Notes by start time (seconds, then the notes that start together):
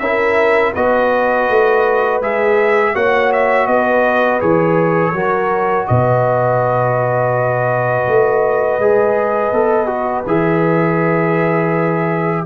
0.00 C#4 E4 A#4 E5
0.74 B3 F#4 B4 D#5
1.50 A3
2.22 G#3 G#4 E5
2.95 A#3 F#4 C#5 F#5
3.33 E5
3.67 B3 B4 D#5
4.41 E3 G#4 C#5
5.13 F#3 F#4 A#4
5.87 B2 B4 D#5
8.08 A3
8.78 G#3 G#4
9.53 B3 A4
9.87 F#4
10.27 E3 G#4 E5